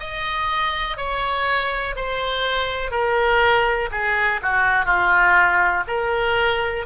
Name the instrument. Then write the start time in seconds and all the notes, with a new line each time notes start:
oboe
0.00 D#5
0.97 C#5
1.96 C5
2.92 A#4
3.92 G#4
4.43 F#4
4.86 F4
5.88 A#4